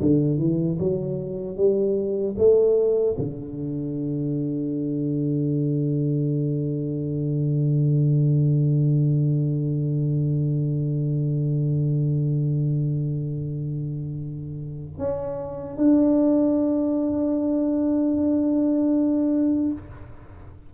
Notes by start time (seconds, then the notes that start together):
0.00 D3
0.38 E3
0.79 F#3
1.56 G3
2.37 A3
3.18 D3
14.97 C#4
15.76 D4